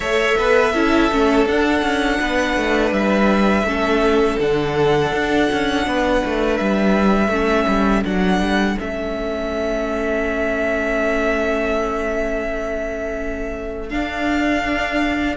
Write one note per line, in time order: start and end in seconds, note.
0.00 0.34 A3
0.00 0.74 A4
0.00 0.37 C#5
0.00 1.46 E5
0.37 0.73 B3
0.37 0.72 B4
0.72 1.10 C#4
0.72 1.11 E4
0.72 2.19 A4
1.11 1.45 A3
1.11 1.48 C#4
1.45 1.81 D4
1.45 3.66 D4
1.45 2.92 F#5
1.81 2.18 C#4
2.20 2.56 B3
2.20 3.66 B4
2.56 2.91 A3
2.91 3.63 G3
2.91 4.39 E5
3.63 4.36 A3
3.63 4.39 C#4
3.63 5.86 A4
4.39 5.12 D3
4.39 7.31 D4
4.39 6.57 F#5
5.12 5.49 D4
5.52 5.86 C#4
5.86 6.23 B3
5.86 7.31 B4
6.25 6.60 A3
6.57 7.28 G3
6.57 8.03 E5
7.28 7.64 A3
7.28 8.04 C#4
7.28 15.36 A4
7.67 8.04 G3
8.04 8.40 F#3
8.04 8.77 D4
8.04 8.78 F#5
8.40 8.76 G3
8.77 13.92 A3
8.77 13.90 C#4
8.77 13.89 E5
13.89 15.36 D4
13.89 15.35 F5